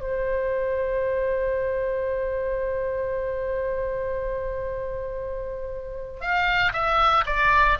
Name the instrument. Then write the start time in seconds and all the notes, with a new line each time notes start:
oboe
0.00 C5
6.21 F5
6.72 E5
7.26 D5